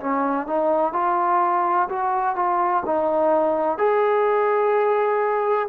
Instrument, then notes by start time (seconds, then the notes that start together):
trombone
0.00 C#4
0.47 D#4
0.93 F4
1.89 F#4
2.36 F4
2.86 D#4
3.78 G#4